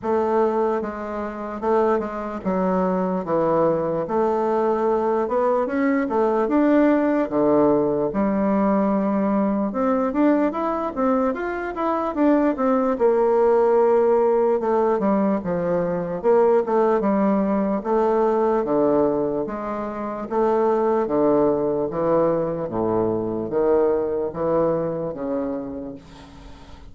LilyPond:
\new Staff \with { instrumentName = "bassoon" } { \time 4/4 \tempo 4 = 74 a4 gis4 a8 gis8 fis4 | e4 a4. b8 cis'8 a8 | d'4 d4 g2 | c'8 d'8 e'8 c'8 f'8 e'8 d'8 c'8 |
ais2 a8 g8 f4 | ais8 a8 g4 a4 d4 | gis4 a4 d4 e4 | a,4 dis4 e4 cis4 | }